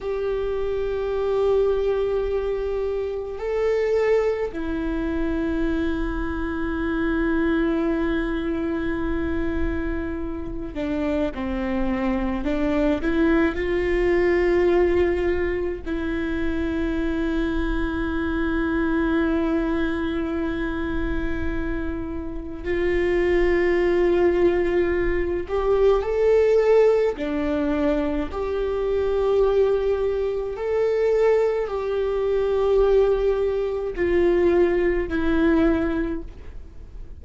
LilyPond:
\new Staff \with { instrumentName = "viola" } { \time 4/4 \tempo 4 = 53 g'2. a'4 | e'1~ | e'4. d'8 c'4 d'8 e'8 | f'2 e'2~ |
e'1 | f'2~ f'8 g'8 a'4 | d'4 g'2 a'4 | g'2 f'4 e'4 | }